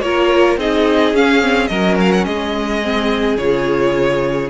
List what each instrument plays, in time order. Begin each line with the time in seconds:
0.00 cello A#3, viola F4, violin A#4 C#5
0.57 cello C4, viola D#4, violin G#4 D#5
1.13 cello C#4, viola C#4, violin F5
1.41 viola C4
1.67 cello F#3, viola C#4, violin A#4 D#5
2.00 violin F5
2.12 violin F#5
2.24 cello G#3, violin G#4 D#5
2.82 viola C4
3.37 cello C#3, viola F4, violin C#5